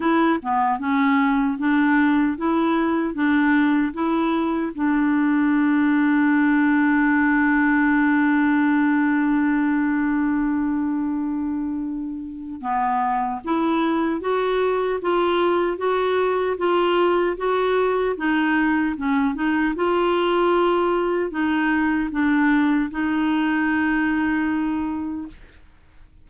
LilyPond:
\new Staff \with { instrumentName = "clarinet" } { \time 4/4 \tempo 4 = 76 e'8 b8 cis'4 d'4 e'4 | d'4 e'4 d'2~ | d'1~ | d'1 |
b4 e'4 fis'4 f'4 | fis'4 f'4 fis'4 dis'4 | cis'8 dis'8 f'2 dis'4 | d'4 dis'2. | }